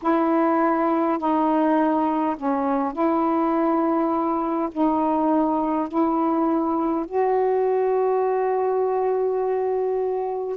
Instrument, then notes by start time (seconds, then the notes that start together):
saxophone
0.02 E4
1.18 D#4
2.36 C#4
2.93 E4
4.71 D#4
5.88 E4
7.05 F#4